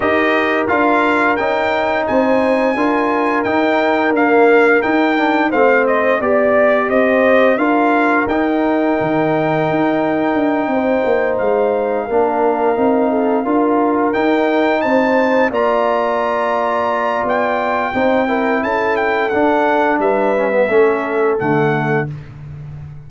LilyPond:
<<
  \new Staff \with { instrumentName = "trumpet" } { \time 4/4 \tempo 4 = 87 dis''4 f''4 g''4 gis''4~ | gis''4 g''4 f''4 g''4 | f''8 dis''8 d''4 dis''4 f''4 | g''1~ |
g''8 f''2.~ f''8~ | f''8 g''4 a''4 ais''4.~ | ais''4 g''2 a''8 g''8 | fis''4 e''2 fis''4 | }
  \new Staff \with { instrumentName = "horn" } { \time 4/4 ais'2. c''4 | ais'1 | c''4 d''4 c''4 ais'4~ | ais'2.~ ais'8 c''8~ |
c''4. ais'4. a'8 ais'8~ | ais'4. c''4 d''4.~ | d''2 c''8 ais'8 a'4~ | a'4 b'4 a'2 | }
  \new Staff \with { instrumentName = "trombone" } { \time 4/4 g'4 f'4 dis'2 | f'4 dis'4 ais4 dis'8 d'8 | c'4 g'2 f'4 | dis'1~ |
dis'4. d'4 dis'4 f'8~ | f'8 dis'2 f'4.~ | f'2 dis'8 e'4. | d'4. cis'16 b16 cis'4 a4 | }
  \new Staff \with { instrumentName = "tuba" } { \time 4/4 dis'4 d'4 cis'4 c'4 | d'4 dis'4 d'4 dis'4 | a4 b4 c'4 d'4 | dis'4 dis4 dis'4 d'8 c'8 |
ais8 gis4 ais4 c'4 d'8~ | d'8 dis'4 c'4 ais4.~ | ais4 b4 c'4 cis'4 | d'4 g4 a4 d4 | }
>>